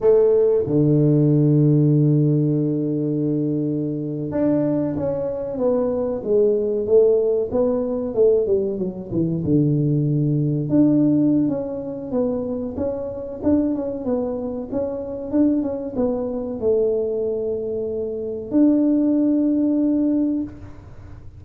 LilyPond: \new Staff \with { instrumentName = "tuba" } { \time 4/4 \tempo 4 = 94 a4 d2.~ | d2~ d8. d'4 cis'16~ | cis'8. b4 gis4 a4 b16~ | b8. a8 g8 fis8 e8 d4~ d16~ |
d8. d'4~ d'16 cis'4 b4 | cis'4 d'8 cis'8 b4 cis'4 | d'8 cis'8 b4 a2~ | a4 d'2. | }